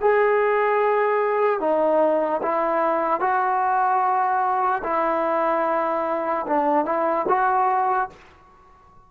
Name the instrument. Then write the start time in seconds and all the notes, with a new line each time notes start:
trombone
0.00 G#4
1.60 D#4
2.42 E4
3.20 F#4
4.83 E4
6.46 D4
6.85 E4
7.28 F#4